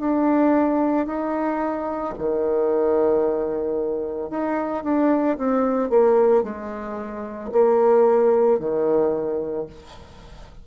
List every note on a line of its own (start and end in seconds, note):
0.00 1.07 D4
1.07 2.14 D#4
2.19 4.30 D#3
4.30 4.84 D#4
4.84 5.37 D4
5.38 5.90 C4
5.90 6.43 A#3
6.44 7.51 G#3
7.52 8.60 A#3
8.60 9.67 D#3